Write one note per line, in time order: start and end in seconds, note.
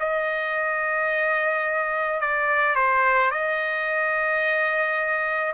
0.00 2.21 D#5
2.21 2.76 D5
2.76 3.31 C5
3.31 5.54 D#5